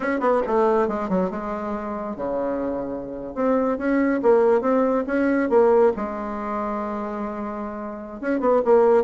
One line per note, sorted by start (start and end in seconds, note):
0.00 0.19 C#4
0.19 0.41 B3
0.46 0.88 A3
0.88 1.09 G#3
1.09 1.30 F#3
1.30 2.16 G#3
2.16 3.35 C#3
3.35 3.77 C4
3.77 4.21 C#4
4.22 4.61 A#3
4.61 5.04 C4
5.06 5.49 C#4
5.49 5.92 A#3
5.96 8.20 G#3
8.20 8.40 C#4
8.40 8.61 B3
8.64 9.04 A#3